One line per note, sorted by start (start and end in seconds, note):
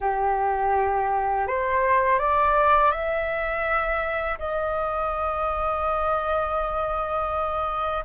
0.00 1.47 G4
1.47 2.18 C5
2.18 2.91 D5
2.91 4.37 E5
4.38 8.04 D#5